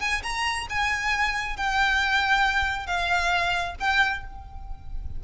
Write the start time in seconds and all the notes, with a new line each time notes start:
0.00 G#5
0.23 A#5
0.69 G#5
1.56 G5
2.87 F5
3.80 G5